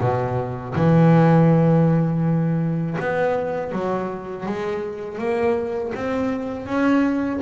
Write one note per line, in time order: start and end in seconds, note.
0.00 0.74 B2
0.75 2.97 E3
3.00 3.71 B3
3.71 4.45 F#3
4.46 5.18 G#3
5.18 5.92 A#3
5.94 6.66 C4
6.66 7.40 C#4